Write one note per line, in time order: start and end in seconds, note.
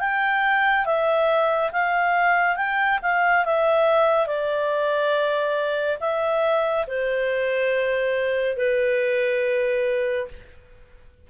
0.00 0.86 G5
0.86 1.71 E5
1.73 2.57 F5
2.57 3.00 G5
3.03 3.45 F5
3.45 4.27 E5
4.27 5.98 D5
6.00 6.86 E5
6.87 8.57 C5
8.57 10.28 B4